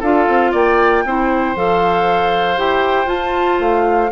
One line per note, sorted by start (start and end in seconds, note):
0.00 0.27 D4
0.00 1.05 F4
0.00 0.51 A4
0.00 0.53 F5
0.27 0.53 C4
0.52 1.04 A#3
0.52 1.03 D5
0.52 1.57 G5
1.04 1.56 C4
1.04 1.56 E4
1.04 4.12 C5
1.56 2.58 F3
1.56 2.57 A4
1.56 2.59 F5
2.57 3.06 E4
2.57 3.06 G4
2.57 3.08 G5
3.06 3.57 F4
3.06 4.09 F4
3.06 3.59 A5
3.59 4.11 A3
3.59 4.12 F5